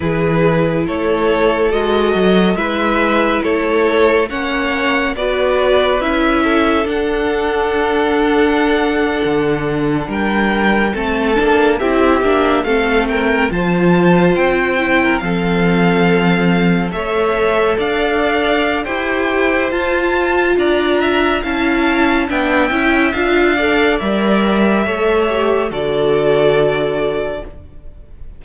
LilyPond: <<
  \new Staff \with { instrumentName = "violin" } { \time 4/4 \tempo 4 = 70 b'4 cis''4 dis''4 e''4 | cis''4 fis''4 d''4 e''4 | fis''2.~ fis''8. g''16~ | g''8. a''4 e''4 f''8 g''8 a''16~ |
a''8. g''4 f''2 e''16~ | e''8. f''4~ f''16 g''4 a''4 | ais''4 a''4 g''4 f''4 | e''2 d''2 | }
  \new Staff \with { instrumentName = "violin" } { \time 4/4 gis'4 a'2 b'4 | a'4 cis''4 b'4. a'8~ | a'2.~ a'8. ais'16~ | ais'8. a'4 g'4 a'8 ais'8 c''16~ |
c''4. ais'16 a'2 cis''16~ | cis''8. d''4~ d''16 c''2 | d''8 e''8 f''4 e''4. d''8~ | d''4 cis''4 a'2 | }
  \new Staff \with { instrumentName = "viola" } { \time 4/4 e'2 fis'4 e'4~ | e'4 cis'4 fis'4 e'4 | d'1~ | d'8. c'8 d'8 e'8 d'8 c'4 f'16~ |
f'4~ f'16 e'8 c'2 a'16~ | a'2 g'4 f'4~ | f'4 e'4 d'8 e'8 f'8 a'8 | ais'4 a'8 g'8 fis'2 | }
  \new Staff \with { instrumentName = "cello" } { \time 4/4 e4 a4 gis8 fis8 gis4 | a4 ais4 b4 cis'4 | d'2~ d'8. d4 g16~ | g8. a8 ais8 c'8 ais8 a4 f16~ |
f8. c'4 f2 a16~ | a8. d'4~ d'16 e'4 f'4 | d'4 cis'4 b8 cis'8 d'4 | g4 a4 d2 | }
>>